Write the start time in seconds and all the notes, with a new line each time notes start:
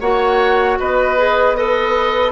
0.00 A#3 F#4 C#5 F#5
0.79 B3 B4 D#5
1.17 G#4
1.55 A4 B4 D#5